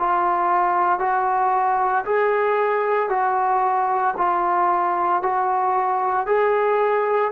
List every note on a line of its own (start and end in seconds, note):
0.00 1.00 F4
1.00 2.05 F#4
2.06 3.10 G#4
3.10 4.15 F#4
4.18 5.23 F4
5.23 6.27 F#4
6.27 7.32 G#4